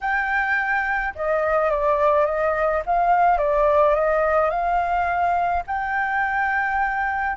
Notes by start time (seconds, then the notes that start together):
0.00 G5
1.15 D#5
1.70 D5
2.25 D#5
2.86 F5
3.38 D5
3.94 D#5
4.49 F5
5.66 G5